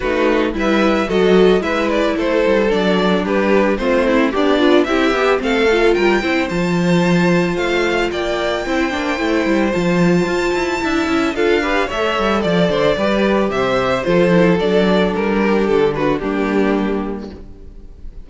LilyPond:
<<
  \new Staff \with { instrumentName = "violin" } { \time 4/4 \tempo 4 = 111 b'4 e''4 dis''4 e''8 d''8 | c''4 d''4 b'4 c''4 | d''4 e''4 f''4 g''4 | a''2 f''4 g''4~ |
g''2 a''2~ | a''4 f''4 e''4 d''4~ | d''4 e''4 c''4 d''4 | ais'4 a'8 b'8 g'2 | }
  \new Staff \with { instrumentName = "violin" } { \time 4/4 fis'4 b'4 a'4 b'4 | a'2 g'4 f'8 e'8 | d'4 g'4 a'4 ais'8 c''8~ | c''2. d''4 |
c''1 | e''4 a'8 b'8 cis''4 d''8 c''8 | b'4 c''4 a'2~ | a'8 g'4 fis'8 d'2 | }
  \new Staff \with { instrumentName = "viola" } { \time 4/4 dis'4 e'4 fis'4 e'4~ | e'4 d'2 c'4 | g'8 f'8 e'8 g'8 c'8 f'4 e'8 | f'1 |
e'8 d'8 e'4 f'2 | e'4 f'8 g'8 a'2 | g'2 f'8 e'8 d'4~ | d'2 ais2 | }
  \new Staff \with { instrumentName = "cello" } { \time 4/4 a4 g4 fis4 gis4 | a8 g8 fis4 g4 a4 | b4 c'8 b8 a4 g8 c'8 | f2 a4 ais4 |
c'8 ais8 a8 g8 f4 f'8 e'8 | d'8 cis'8 d'4 a8 g8 f8 d8 | g4 c4 f4 fis4 | g4 d4 g2 | }
>>